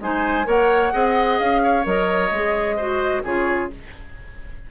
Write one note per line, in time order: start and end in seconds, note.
0.00 0.46 G#3
0.00 0.44 D#4
0.00 0.47 C5
0.00 0.49 G#5
0.44 0.93 A#3
0.44 0.90 A#4
0.44 0.93 C#5
0.44 1.39 F#5
0.92 1.40 C4
0.92 1.84 G#4
0.92 1.62 D#5
1.39 1.86 C#4
1.39 1.86 F5
1.63 2.76 C#5
1.84 2.31 F#3
1.84 2.30 A#4
1.84 3.24 D#5
2.31 3.23 G#3
2.31 2.79 G#4
2.76 3.24 F#4
2.76 3.22 C5
3.24 3.70 C#3
3.24 3.70 F4
3.24 3.70 G#4
3.24 3.71 C#5